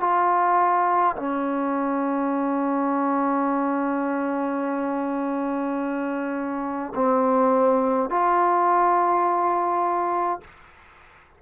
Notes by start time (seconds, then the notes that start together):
0.00 F4
1.16 C#4
6.95 C4
8.10 F4